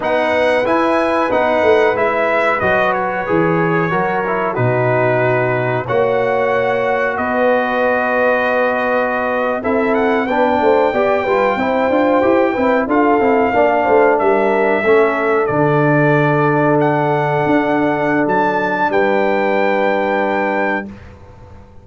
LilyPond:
<<
  \new Staff \with { instrumentName = "trumpet" } { \time 4/4 \tempo 4 = 92 fis''4 gis''4 fis''4 e''4 | dis''8 cis''2~ cis''8 b'4~ | b'4 fis''2 dis''4~ | dis''2~ dis''8. e''8 fis''8 g''16~ |
g''2.~ g''8. f''16~ | f''4.~ f''16 e''2 d''16~ | d''4.~ d''16 fis''2~ fis''16 | a''4 g''2. | }
  \new Staff \with { instrumentName = "horn" } { \time 4/4 b'1~ | b'2 ais'4 fis'4~ | fis'4 cis''2 b'4~ | b'2~ b'8. a'4 b'16~ |
b'16 c''8 d''8 b'8 c''4. b'8 a'16~ | a'8. d''8 c''8 ais'4 a'4~ a'16~ | a'1~ | a'4 b'2. | }
  \new Staff \with { instrumentName = "trombone" } { \time 4/4 dis'4 e'4 dis'4 e'4 | fis'4 gis'4 fis'8 e'8 dis'4~ | dis'4 fis'2.~ | fis'2~ fis'8. e'4 d'16~ |
d'8. g'8 f'8 e'8 f'8 g'8 e'8 f'16~ | f'16 e'8 d'2 cis'4 d'16~ | d'1~ | d'1 | }
  \new Staff \with { instrumentName = "tuba" } { \time 4/4 b4 e'4 b8 a8 gis4 | fis4 e4 fis4 b,4~ | b,4 ais2 b4~ | b2~ b8. c'4 b16~ |
b16 a8 b8 g8 c'8 d'8 e'8 c'8 d'16~ | d'16 c'8 ais8 a8 g4 a4 d16~ | d2~ d8. d'4~ d'16 | fis4 g2. | }
>>